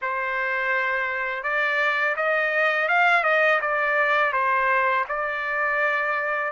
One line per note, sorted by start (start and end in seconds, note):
0.01 1.43 C5
1.43 2.15 D5
2.16 2.88 D#5
2.88 3.23 F5
3.23 3.59 D#5
3.61 4.32 D5
4.32 5.04 C5
5.08 6.52 D5